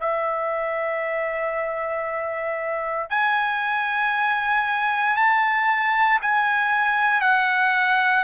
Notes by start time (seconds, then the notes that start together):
0.00 E5
3.09 G#5
5.16 A5
6.22 G#5
7.20 F#5